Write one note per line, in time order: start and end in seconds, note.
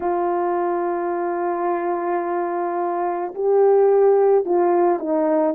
0.00 3.33 F4
3.34 4.45 G4
4.45 4.98 F4
4.98 5.54 D#4